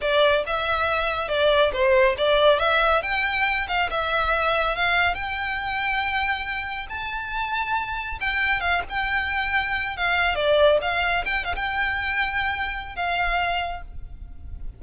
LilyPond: \new Staff \with { instrumentName = "violin" } { \time 4/4 \tempo 4 = 139 d''4 e''2 d''4 | c''4 d''4 e''4 g''4~ | g''8 f''8 e''2 f''4 | g''1 |
a''2. g''4 | f''8 g''2~ g''8 f''4 | d''4 f''4 g''8 f''16 g''4~ g''16~ | g''2 f''2 | }